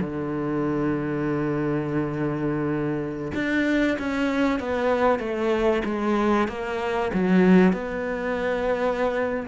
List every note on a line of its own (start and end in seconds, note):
0.00 3.32 D3
3.34 3.97 D4
3.99 4.59 C#4
4.59 5.19 B3
5.19 5.82 A3
5.84 6.48 G#3
6.48 7.11 A#3
7.13 7.73 F#3
7.73 9.46 B3